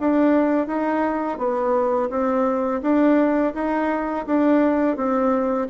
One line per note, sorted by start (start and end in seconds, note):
0.00 0.67 D4
0.67 1.38 D#4
1.38 2.09 B3
2.10 2.81 C4
2.82 3.53 D4
3.54 4.26 D#4
4.26 4.96 D4
4.96 5.68 C4